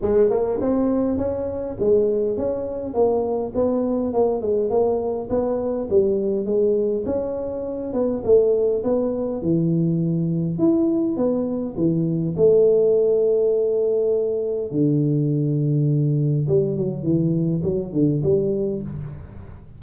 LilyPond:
\new Staff \with { instrumentName = "tuba" } { \time 4/4 \tempo 4 = 102 gis8 ais8 c'4 cis'4 gis4 | cis'4 ais4 b4 ais8 gis8 | ais4 b4 g4 gis4 | cis'4. b8 a4 b4 |
e2 e'4 b4 | e4 a2.~ | a4 d2. | g8 fis8 e4 fis8 d8 g4 | }